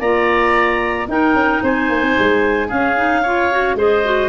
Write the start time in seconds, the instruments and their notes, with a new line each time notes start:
0.00 tuba A#3, clarinet F4 A#5, oboe D5
1.08 tuba D#4, clarinet D#4 G5, oboe A#4
1.34 tuba C#4
1.62 tuba C4, oboe C5, clarinet G#5
1.89 tuba A#3
2.02 tuba C4
2.19 tuba G#3
2.68 clarinet C#4 F5, tuba C#4, oboe G#4
2.96 clarinet D#4
3.23 clarinet F4, oboe C#5
3.52 clarinet F#4
3.75 tuba G#3, clarinet G#4 D#5, oboe C5
4.05 clarinet F#4